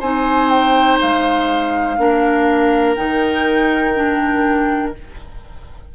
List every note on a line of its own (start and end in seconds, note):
0.00 1.00 C4
0.00 1.98 D#4
0.00 1.97 C5
0.00 0.49 G#5
0.49 0.98 G5
1.02 1.98 G#3
1.02 2.95 F5
1.98 2.97 A#3
1.98 2.96 D4
1.98 4.95 A#4
2.95 4.95 D#3
2.95 3.95 D#4
2.95 4.92 G5
3.96 4.94 D4